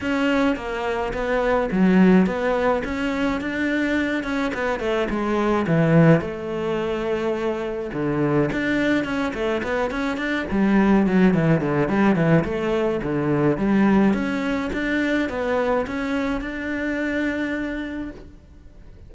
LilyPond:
\new Staff \with { instrumentName = "cello" } { \time 4/4 \tempo 4 = 106 cis'4 ais4 b4 fis4 | b4 cis'4 d'4. cis'8 | b8 a8 gis4 e4 a4~ | a2 d4 d'4 |
cis'8 a8 b8 cis'8 d'8 g4 fis8 | e8 d8 g8 e8 a4 d4 | g4 cis'4 d'4 b4 | cis'4 d'2. | }